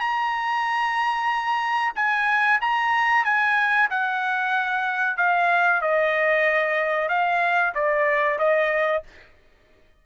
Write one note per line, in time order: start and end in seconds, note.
0.00 1.94 A#5
1.96 2.61 G#5
2.62 3.25 A#5
3.25 3.89 G#5
3.91 5.17 F#5
5.17 5.82 F5
5.82 7.09 D#5
7.09 7.74 F5
7.75 8.39 D5
8.39 9.04 D#5